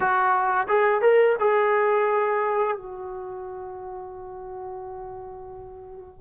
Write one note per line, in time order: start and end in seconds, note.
0.00 0.67 F#4
0.67 1.01 G#4
1.01 1.36 A#4
1.39 2.77 G#4
2.77 6.20 F#4